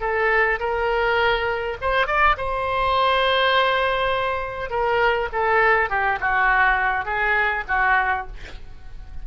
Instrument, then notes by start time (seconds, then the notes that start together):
oboe
0.00 A4
0.59 A#4
1.81 C5
2.06 D5
2.37 C5
4.70 A#4
5.32 A4
5.89 G4
6.20 F#4
7.05 G#4
7.68 F#4